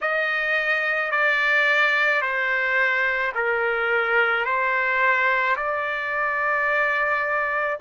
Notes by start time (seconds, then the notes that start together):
0.01 D#5
1.11 D5
2.21 C5
3.34 A#4
4.44 C5
5.56 D5